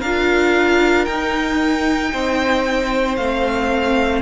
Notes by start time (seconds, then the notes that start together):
0.00 D4 F4 A#4 F5
1.05 D#4 G5
2.13 C4 C5
3.16 A3 C4 F5